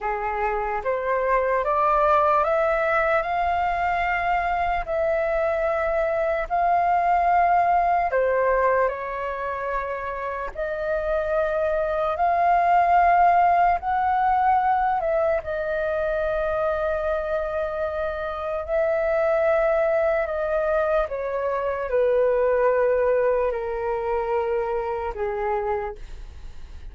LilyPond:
\new Staff \with { instrumentName = "flute" } { \time 4/4 \tempo 4 = 74 gis'4 c''4 d''4 e''4 | f''2 e''2 | f''2 c''4 cis''4~ | cis''4 dis''2 f''4~ |
f''4 fis''4. e''8 dis''4~ | dis''2. e''4~ | e''4 dis''4 cis''4 b'4~ | b'4 ais'2 gis'4 | }